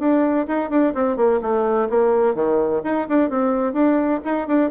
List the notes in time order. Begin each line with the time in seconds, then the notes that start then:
0.00 D4
0.48 D#4
0.71 D4
0.95 C4
1.17 A#3
1.42 A3
1.90 A#3
2.35 D#3
2.84 D#4
3.09 D4
3.30 C4
3.74 D4
4.25 D#4
4.48 D4